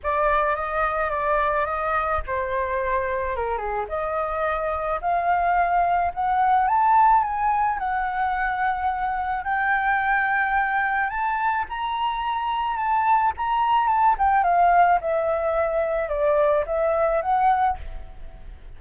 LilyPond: \new Staff \with { instrumentName = "flute" } { \time 4/4 \tempo 4 = 108 d''4 dis''4 d''4 dis''4 | c''2 ais'8 gis'8 dis''4~ | dis''4 f''2 fis''4 | a''4 gis''4 fis''2~ |
fis''4 g''2. | a''4 ais''2 a''4 | ais''4 a''8 g''8 f''4 e''4~ | e''4 d''4 e''4 fis''4 | }